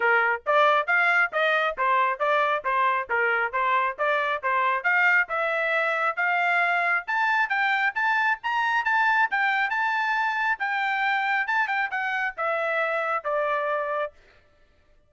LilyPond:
\new Staff \with { instrumentName = "trumpet" } { \time 4/4 \tempo 4 = 136 ais'4 d''4 f''4 dis''4 | c''4 d''4 c''4 ais'4 | c''4 d''4 c''4 f''4 | e''2 f''2 |
a''4 g''4 a''4 ais''4 | a''4 g''4 a''2 | g''2 a''8 g''8 fis''4 | e''2 d''2 | }